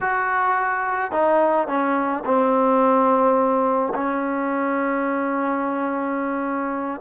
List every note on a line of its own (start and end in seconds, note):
0.01 1.11 F#4
1.11 1.67 D#4
1.67 2.23 C#4
2.25 3.93 C4
3.94 7.00 C#4